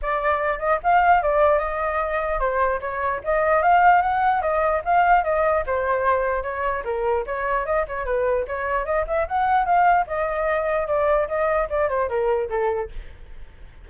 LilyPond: \new Staff \with { instrumentName = "flute" } { \time 4/4 \tempo 4 = 149 d''4. dis''8 f''4 d''4 | dis''2 c''4 cis''4 | dis''4 f''4 fis''4 dis''4 | f''4 dis''4 c''2 |
cis''4 ais'4 cis''4 dis''8 cis''8 | b'4 cis''4 dis''8 e''8 fis''4 | f''4 dis''2 d''4 | dis''4 d''8 c''8 ais'4 a'4 | }